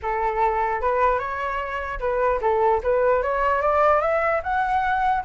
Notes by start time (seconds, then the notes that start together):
0.02 A4
0.81 B4
1.18 C#5
1.99 B4
2.41 A4
2.83 B4
3.22 C#5
3.61 D5
4.01 E5
4.43 F#5